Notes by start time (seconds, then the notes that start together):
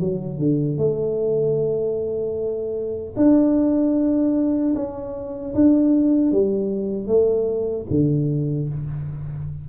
0.00 F#3
0.39 D3
0.78 A3
3.17 D4
4.75 C#4
5.55 D4
6.32 G3
7.08 A3
7.90 D3